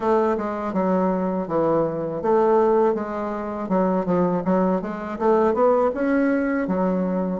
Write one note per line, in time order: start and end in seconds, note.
0.00 0.36 A3
0.37 0.73 G#3
0.73 1.47 F#3
1.47 2.22 E3
2.22 2.94 A3
2.94 3.68 G#3
3.68 4.05 F#3
4.05 4.42 F3
4.44 4.81 F#3
4.81 5.18 G#3
5.18 5.54 A3
5.54 5.91 B3
5.94 6.67 C#4
6.67 7.40 F#3